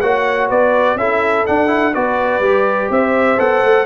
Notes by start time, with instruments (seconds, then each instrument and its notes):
0.00 tuba A#3, trombone F#4, horn C#5, trumpet F#5
0.48 tuba B3, horn B4, trumpet D5
0.95 tuba C#4, trombone E4, horn A4, trumpet E5
1.46 trombone D4, tuba D4, trumpet F#5
1.67 trombone E4
1.94 tuba B3, trombone F#4, horn B4, trumpet D5
2.39 tuba G3, trombone G4
2.90 tuba C4, horn C5, trumpet E5
3.37 tuba B3, trombone A4, trumpet F#5
3.62 tuba A3